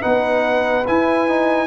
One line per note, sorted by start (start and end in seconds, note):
0.00 0.87 B3
0.00 0.84 D#4
0.00 1.67 B4
0.00 0.85 F#5
0.87 1.28 E4
0.87 1.67 E4
0.87 1.67 G#5
1.28 1.67 D#4